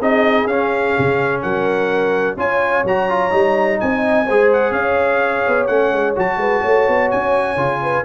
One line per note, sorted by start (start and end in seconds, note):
0.00 0.46 C4
0.00 0.48 D#4
0.00 1.42 G#4
0.00 0.47 D#5
0.46 0.93 C#4
0.46 2.37 C#4
0.46 1.41 F5
0.98 1.44 C#3
1.42 2.36 F#3
1.42 2.37 A#4
1.42 2.36 F#5
2.36 2.83 C#4
2.36 2.85 F4
2.36 3.80 C#5
2.36 2.86 G#5
2.84 3.31 F#3
2.84 3.09 F#4
2.84 3.80 A#5
3.09 3.30 F4
3.30 3.80 G3
3.30 4.25 D#4
3.80 4.29 C4
3.80 4.26 D#5
3.80 4.51 G#5
4.26 4.71 G#3
4.26 5.69 G#4
4.26 4.72 C5
4.52 4.72 F#5
4.71 5.42 C#4
4.71 6.37 C#5
4.71 5.67 F5
5.47 5.68 B3
5.67 5.91 A3
5.67 6.15 C#4
5.67 6.14 F#5
5.91 6.15 G#3
6.15 6.37 F#3
6.15 7.57 F#4
6.15 7.11 A5
6.37 6.60 G#3
6.37 6.61 B4
6.61 6.88 A3
6.61 7.79 C#5
6.88 7.11 B3
7.11 7.56 C#4
7.11 8.04 G#5
7.56 8.03 C#3
7.56 8.04 F4
7.82 8.04 B4